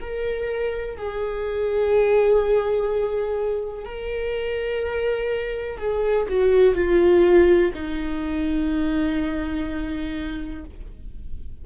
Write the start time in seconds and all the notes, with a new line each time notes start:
0.00 A#4
0.97 G#4
3.84 A#4
5.78 G#4
6.29 F#4
6.74 F4
7.74 D#4